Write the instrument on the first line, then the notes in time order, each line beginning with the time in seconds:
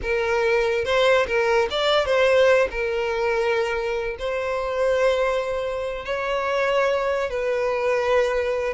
violin
0.02 A#4
0.84 C5
1.26 A#4
1.70 D5
2.05 C5
2.70 A#4
4.18 C5
6.05 C#5
7.30 B4